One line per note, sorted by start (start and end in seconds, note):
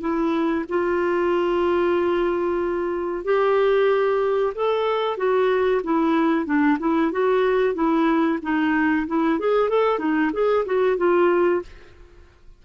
0.00 0.65 E4
0.69 3.24 F4
3.24 4.53 G4
4.55 5.17 A4
5.17 5.82 F#4
5.84 6.45 E4
6.45 6.77 D4
6.79 7.11 E4
7.11 7.74 F#4
7.74 8.39 E4
8.42 9.06 D#4
9.07 9.39 E4
9.39 9.69 G#4
9.69 9.99 A4
9.99 10.31 D#4
10.33 10.65 G#4
10.65 10.97 F#4
10.97 11.62 F4